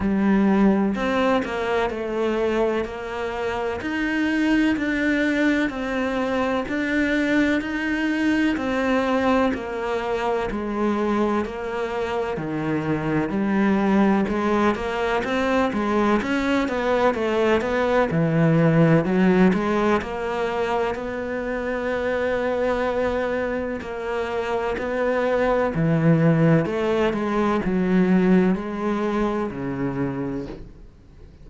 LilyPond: \new Staff \with { instrumentName = "cello" } { \time 4/4 \tempo 4 = 63 g4 c'8 ais8 a4 ais4 | dis'4 d'4 c'4 d'4 | dis'4 c'4 ais4 gis4 | ais4 dis4 g4 gis8 ais8 |
c'8 gis8 cis'8 b8 a8 b8 e4 | fis8 gis8 ais4 b2~ | b4 ais4 b4 e4 | a8 gis8 fis4 gis4 cis4 | }